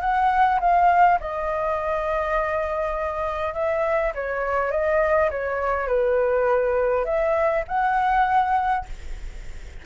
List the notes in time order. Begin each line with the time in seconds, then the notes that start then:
0.00 F#5
0.60 F5
1.20 D#5
3.54 E5
4.14 C#5
4.71 D#5
5.30 C#5
5.87 B4
7.05 E5
7.68 F#5